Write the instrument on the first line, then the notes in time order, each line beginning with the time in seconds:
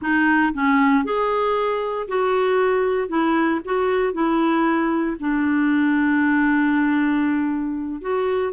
clarinet
0.01 D#4
0.53 C#4
1.04 G#4
2.08 F#4
3.08 E4
3.64 F#4
4.13 E4
5.19 D4
8.01 F#4